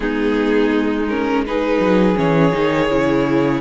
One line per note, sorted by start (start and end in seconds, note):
0.00 1.78 G#3
0.00 1.05 B3
0.00 1.45 D#4
0.00 1.07 G#4
1.08 1.46 C#4
1.08 1.44 A#4
1.46 2.15 D#4
1.46 3.60 G#4
1.46 2.17 B4
1.80 2.16 F#3
2.15 2.54 E3
2.15 2.51 C#4
2.15 3.60 C#5
2.52 2.90 D#3
2.52 2.88 D#4
2.90 3.60 C#3
2.90 3.60 E4